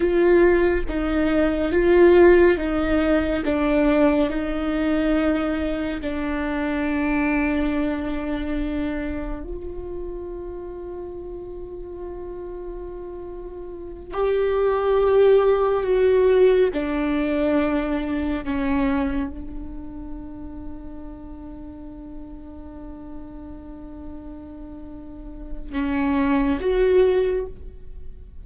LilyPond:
\new Staff \with { instrumentName = "viola" } { \time 4/4 \tempo 4 = 70 f'4 dis'4 f'4 dis'4 | d'4 dis'2 d'4~ | d'2. f'4~ | f'1~ |
f'8 g'2 fis'4 d'8~ | d'4. cis'4 d'4.~ | d'1~ | d'2 cis'4 fis'4 | }